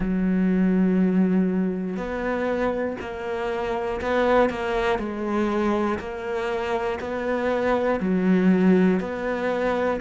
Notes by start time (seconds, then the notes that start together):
0.00 F#3
1.96 B3
3.00 A#3
4.01 B3
4.49 A#3
4.99 G#3
5.99 A#3
7.00 B3
8.00 F#3
9.00 B3